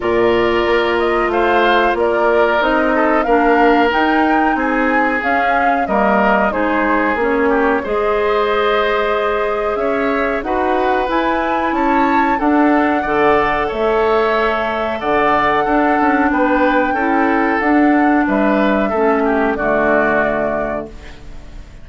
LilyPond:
<<
  \new Staff \with { instrumentName = "flute" } { \time 4/4 \tempo 4 = 92 d''4. dis''8 f''4 d''4 | dis''4 f''4 g''4 gis''4 | f''4 dis''4 c''4 cis''4 | dis''2. e''4 |
fis''4 gis''4 a''4 fis''4~ | fis''4 e''2 fis''4~ | fis''4 g''2 fis''4 | e''2 d''2 | }
  \new Staff \with { instrumentName = "oboe" } { \time 4/4 ais'2 c''4 ais'4~ | ais'8 a'8 ais'2 gis'4~ | gis'4 ais'4 gis'4. g'8 | c''2. cis''4 |
b'2 cis''4 a'4 | d''4 cis''2 d''4 | a'4 b'4 a'2 | b'4 a'8 g'8 fis'2 | }
  \new Staff \with { instrumentName = "clarinet" } { \time 4/4 f'1 | dis'4 d'4 dis'2 | cis'4 ais4 dis'4 cis'4 | gis'1 |
fis'4 e'2 d'4 | a'1 | d'2 e'4 d'4~ | d'4 cis'4 a2 | }
  \new Staff \with { instrumentName = "bassoon" } { \time 4/4 ais,4 ais4 a4 ais4 | c'4 ais4 dis'4 c'4 | cis'4 g4 gis4 ais4 | gis2. cis'4 |
dis'4 e'4 cis'4 d'4 | d4 a2 d4 | d'8 cis'8 b4 cis'4 d'4 | g4 a4 d2 | }
>>